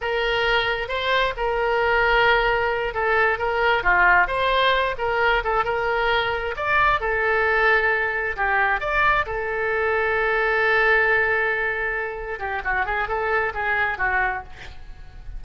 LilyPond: \new Staff \with { instrumentName = "oboe" } { \time 4/4 \tempo 4 = 133 ais'2 c''4 ais'4~ | ais'2~ ais'8 a'4 ais'8~ | ais'8 f'4 c''4. ais'4 | a'8 ais'2 d''4 a'8~ |
a'2~ a'8 g'4 d''8~ | d''8 a'2.~ a'8~ | a'2.~ a'8 g'8 | fis'8 gis'8 a'4 gis'4 fis'4 | }